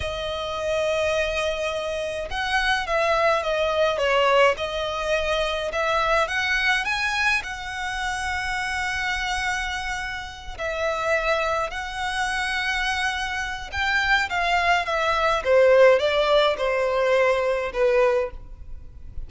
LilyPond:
\new Staff \with { instrumentName = "violin" } { \time 4/4 \tempo 4 = 105 dis''1 | fis''4 e''4 dis''4 cis''4 | dis''2 e''4 fis''4 | gis''4 fis''2.~ |
fis''2~ fis''8 e''4.~ | e''8 fis''2.~ fis''8 | g''4 f''4 e''4 c''4 | d''4 c''2 b'4 | }